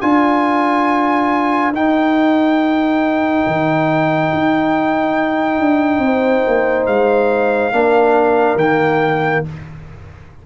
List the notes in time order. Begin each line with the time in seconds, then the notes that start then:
0.00 D4 F4 A#4 G#5
1.72 D#4 G5
3.47 D#3
4.33 D#4
5.59 D4
5.98 C4 C5
6.47 A#3
6.86 G#3 F5
7.72 A#3 D4 A#4
8.55 D#3 A#3 G5